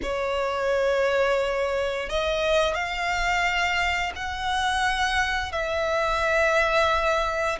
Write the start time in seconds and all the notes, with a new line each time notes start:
0.02 C#5
2.09 D#5
2.74 F5
4.15 F#5
5.51 E5